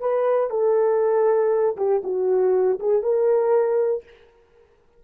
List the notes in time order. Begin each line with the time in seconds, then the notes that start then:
0.00 B4
0.50 A4
1.77 G4
2.04 F#4
2.80 G#4
3.03 A#4